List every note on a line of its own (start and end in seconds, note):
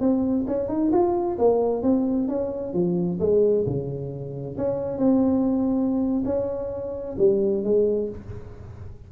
0.00 0.45 C4
0.47 0.68 C#4
0.68 0.91 D#4
0.92 1.38 F4
1.38 1.83 A#3
1.83 2.28 C4
2.28 2.73 C#4
2.73 3.19 F3
3.20 3.65 G#3
3.66 4.57 C#3
4.57 4.98 C#4
4.98 6.23 C4
6.25 7.16 C#4
7.18 7.64 G3
7.64 8.09 G#3